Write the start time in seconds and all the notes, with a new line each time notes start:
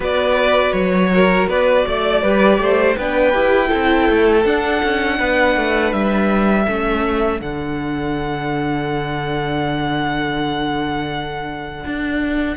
0.00 B3 F#4 B4 D5
0.73 F#3 C#5
1.13 A#4
1.48 B3 B4 D5
1.86 A3 D5
2.22 G3 G4 B4
2.58 A3 C5
2.97 B3 D4 B4 G5
3.32 E4 G4
3.68 C4 E4 A4
4.09 A3
4.44 D4 F#5
4.82 C#4
5.19 B3 B4
5.56 A3
5.92 G3 E5
6.63 A3 C#4 A4
7.40 D3 D4 F#5
11.85 D4